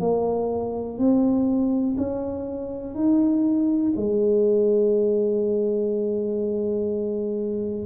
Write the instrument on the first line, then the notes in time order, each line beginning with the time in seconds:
tuba
0.00 A#3
0.98 C4
1.97 C#4
2.95 D#4
3.97 G#3